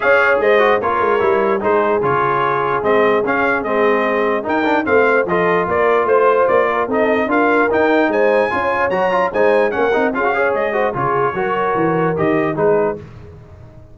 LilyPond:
<<
  \new Staff \with { instrumentName = "trumpet" } { \time 4/4 \tempo 4 = 148 f''4 dis''4 cis''2 | c''4 cis''2 dis''4 | f''4 dis''2 g''4 | f''4 dis''4 d''4 c''4 |
d''4 dis''4 f''4 g''4 | gis''2 ais''4 gis''4 | fis''4 f''4 dis''4 cis''4~ | cis''2 dis''4 b'4 | }
  \new Staff \with { instrumentName = "horn" } { \time 4/4 cis''4 c''4 ais'2 | gis'1~ | gis'2. ais'4 | c''4 a'4 ais'4 c''4~ |
c''8 ais'8 a'4 ais'2 | c''4 cis''2 c''4 | ais'4 gis'8 cis''4 c''8 gis'4 | ais'2. gis'4 | }
  \new Staff \with { instrumentName = "trombone" } { \time 4/4 gis'4. fis'8 f'4 e'4 | dis'4 f'2 c'4 | cis'4 c'2 dis'8 d'8 | c'4 f'2.~ |
f'4 dis'4 f'4 dis'4~ | dis'4 f'4 fis'8 f'8 dis'4 | cis'8 dis'8 f'16 fis'16 gis'4 fis'8 f'4 | fis'2 g'4 dis'4 | }
  \new Staff \with { instrumentName = "tuba" } { \time 4/4 cis'4 gis4 ais8 gis8 g4 | gis4 cis2 gis4 | cis'4 gis2 dis'4 | a4 f4 ais4 a4 |
ais4 c'4 d'4 dis'4 | gis4 cis'4 fis4 gis4 | ais8 c'8 cis'4 gis4 cis4 | fis4 e4 dis4 gis4 | }
>>